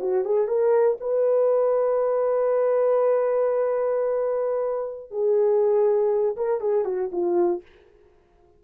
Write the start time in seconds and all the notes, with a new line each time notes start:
0.00 F#4
0.25 G#4
0.48 A#4
1.01 B4
5.11 G#4
6.37 A#4
6.61 G#4
6.85 F#4
7.12 F4